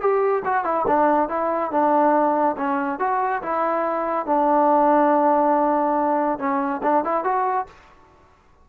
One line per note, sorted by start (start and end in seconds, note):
0.00 0.43 G4
0.45 0.64 F#4
0.64 0.85 E4
0.87 1.29 D4
1.29 1.71 E4
1.71 2.56 D4
2.57 2.99 C#4
2.99 3.42 F#4
3.42 4.26 E4
4.26 6.38 D4
6.38 6.81 C#4
6.83 7.04 D4
7.04 7.24 E4
7.24 7.66 F#4